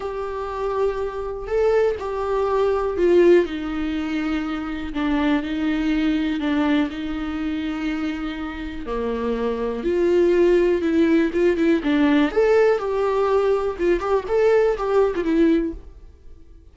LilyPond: \new Staff \with { instrumentName = "viola" } { \time 4/4 \tempo 4 = 122 g'2. a'4 | g'2 f'4 dis'4~ | dis'2 d'4 dis'4~ | dis'4 d'4 dis'2~ |
dis'2 ais2 | f'2 e'4 f'8 e'8 | d'4 a'4 g'2 | f'8 g'8 a'4 g'8. f'16 e'4 | }